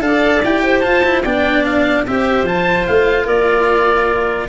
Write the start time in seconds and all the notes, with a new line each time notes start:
0.00 D4 A4 D5 F5
0.44 E4 G4 G5
0.63 C5
0.80 F4 A5
1.04 E4
1.23 B3 D4 D5 G5
1.64 F5
2.06 C4 G4 C5 E5
2.43 F3 F4 A5
2.87 A3 F5
3.25 A#3 A#4 D5